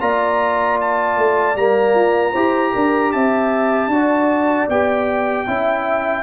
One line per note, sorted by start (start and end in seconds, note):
0.00 1.17 A#3
0.00 1.56 F4
0.00 2.32 D5
0.00 0.79 A#5
0.81 1.57 A5
1.17 1.55 A3
1.55 1.94 G3
1.55 2.35 A#3
1.55 3.12 A#5
1.94 2.33 F4
2.32 2.74 E4
2.32 3.90 G4
2.32 2.71 C5
2.73 3.14 D4
2.73 3.12 A#4
3.12 3.88 C4
3.12 3.92 E5
3.12 4.68 A5
3.88 4.66 D4
3.88 4.69 F#4
3.88 5.47 D5
4.69 5.46 B3
4.69 5.47 G4
4.69 6.23 G5
5.47 6.23 C#4
5.47 6.23 E4
5.47 6.23 E5